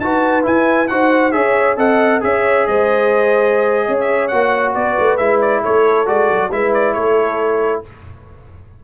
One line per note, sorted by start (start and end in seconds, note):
0.00 0.45 D#4
0.00 0.43 F#4
0.00 0.92 B4
0.00 0.44 A5
0.43 0.87 E4
0.43 0.92 E4
0.43 0.88 G#5
0.88 1.34 D#4
0.88 1.33 F#4
0.88 1.34 C5
0.88 1.32 F#5
1.32 1.77 C#4
1.32 1.77 G#4
1.32 1.78 C#5
1.32 1.76 E5
1.77 2.22 C4
1.77 2.21 A4
1.77 2.22 D#5
1.77 2.23 F#5
2.21 2.68 C#4
2.21 4.31 G#4
2.21 2.69 C#5
2.21 2.67 E5
2.67 3.89 G#3
2.67 3.87 C5
2.67 4.00 D#5
3.87 4.33 C#4
3.87 4.75 C#5
4.00 4.28 E5
4.28 4.76 A#3
4.28 5.19 F#4
4.28 4.72 F#5
4.75 4.98 B3
4.75 5.62 B4
4.75 5.18 D5
4.99 5.19 A3
5.18 5.64 G#3
5.18 6.06 E4
5.18 5.40 E5
5.42 5.64 D5
5.62 6.09 A3
5.62 6.50 A4
5.62 6.08 C#5
6.06 6.31 G#3
6.06 6.50 F#4
6.06 6.52 D5
6.32 6.52 F#3
6.52 6.96 G#3
6.52 7.85 E4
6.52 6.96 B4
6.52 6.74 E5
6.74 6.94 D5
6.94 7.84 A3
6.94 7.84 A4
6.94 7.82 C#5